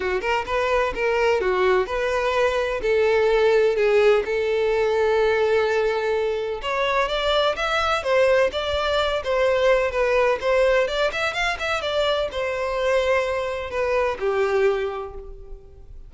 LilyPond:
\new Staff \with { instrumentName = "violin" } { \time 4/4 \tempo 4 = 127 fis'8 ais'8 b'4 ais'4 fis'4 | b'2 a'2 | gis'4 a'2.~ | a'2 cis''4 d''4 |
e''4 c''4 d''4. c''8~ | c''4 b'4 c''4 d''8 e''8 | f''8 e''8 d''4 c''2~ | c''4 b'4 g'2 | }